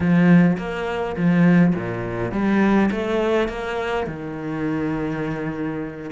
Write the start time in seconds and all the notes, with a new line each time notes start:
0.00 F3
0.57 A#3
1.16 F3
1.75 A#2
2.31 G3
2.91 A3
3.48 A#3
4.06 D#3